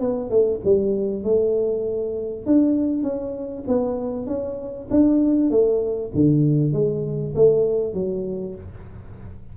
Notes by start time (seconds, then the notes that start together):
0.00 B3
0.30 A3
0.64 G3
1.24 A3
2.46 D4
3.03 C#4
3.68 B3
4.27 C#4
4.90 D4
5.50 A3
6.14 D3
6.73 G#3
7.36 A3
7.93 F#3